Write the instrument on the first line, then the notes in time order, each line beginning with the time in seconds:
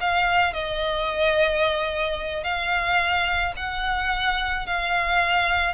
violin
0.00 F5
0.53 D#5
2.43 F5
3.56 F#5
4.66 F5